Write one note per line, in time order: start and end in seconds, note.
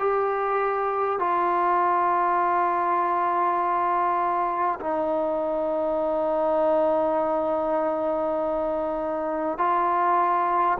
0.00 1.20 G4
1.20 4.80 F4
4.81 9.59 D#4
9.59 10.79 F4